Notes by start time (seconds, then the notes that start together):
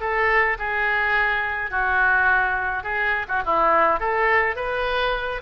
0.00 A4
0.58 G#4
1.70 F#4
2.83 G#4
3.28 F#4
3.45 E4
4.00 A4
4.56 B4